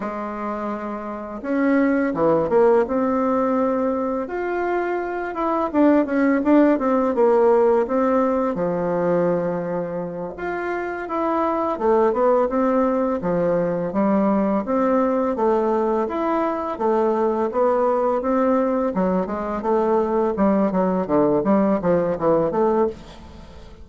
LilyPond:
\new Staff \with { instrumentName = "bassoon" } { \time 4/4 \tempo 4 = 84 gis2 cis'4 e8 ais8 | c'2 f'4. e'8 | d'8 cis'8 d'8 c'8 ais4 c'4 | f2~ f8 f'4 e'8~ |
e'8 a8 b8 c'4 f4 g8~ | g8 c'4 a4 e'4 a8~ | a8 b4 c'4 fis8 gis8 a8~ | a8 g8 fis8 d8 g8 f8 e8 a8 | }